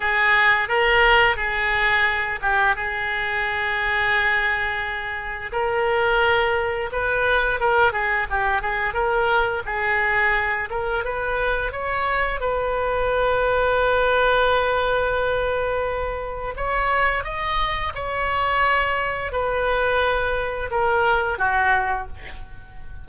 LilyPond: \new Staff \with { instrumentName = "oboe" } { \time 4/4 \tempo 4 = 87 gis'4 ais'4 gis'4. g'8 | gis'1 | ais'2 b'4 ais'8 gis'8 | g'8 gis'8 ais'4 gis'4. ais'8 |
b'4 cis''4 b'2~ | b'1 | cis''4 dis''4 cis''2 | b'2 ais'4 fis'4 | }